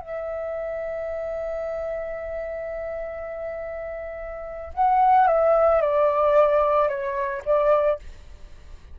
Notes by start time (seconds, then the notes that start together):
0.00 E5
4.74 F#5
5.27 E5
5.81 D5
6.88 C#5
7.45 D5